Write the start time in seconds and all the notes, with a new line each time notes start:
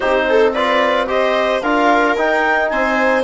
0.00 C4 D#4 G4 C5
0.29 A4
0.53 F4 B4 D5
1.07 G4 C5 D#5
1.61 D4 F4 A#4 F5
2.17 D#4 G5
2.69 C4 C5 G#5